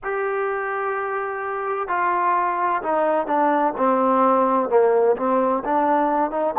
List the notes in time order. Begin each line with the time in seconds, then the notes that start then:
0.03 G4
1.87 F4
2.82 D#4
3.26 D4
3.77 C4
4.69 A#3
5.16 C4
5.64 D4
6.31 D#4